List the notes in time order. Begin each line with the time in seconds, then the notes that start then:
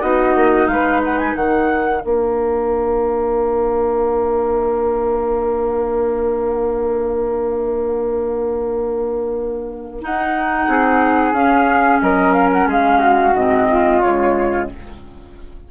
0.00 B3 D#4 F#4 D#5
0.35 A#3
0.67 G#3 B4 F5
1.04 F#5
1.18 G#5
1.35 D#3 A#4 F#5
2.00 A#3 D4 F5
10.01 D#4 F#5
10.67 C4 G#4
11.32 C#4 F5
12.01 F#3 A#4 D#5
12.32 F5
12.52 F#5
12.66 G#3 G#4 F5
12.99 F#4
13.34 G#2 C4 D#5
13.69 F4
14.02 C#3 G#3 C#5